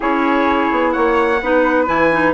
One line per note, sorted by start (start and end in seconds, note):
0.00 0.71 C#4
0.00 1.38 E4
0.00 0.93 G#4
0.00 0.92 C#5
0.71 0.94 B3
0.92 1.41 A#3
0.92 1.40 C#5
0.92 1.85 F#5
1.41 1.88 B3
1.41 1.86 D#4
1.41 2.34 B4
1.86 2.34 E3
1.86 2.10 E4
1.86 2.33 G#5
2.11 2.34 D#4